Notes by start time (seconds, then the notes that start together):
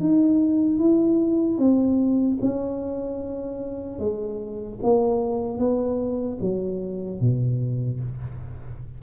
0.00 D#4
0.79 E4
1.58 C4
2.41 C#4
3.99 G#3
4.83 A#3
5.58 B3
6.41 F#3
7.20 B2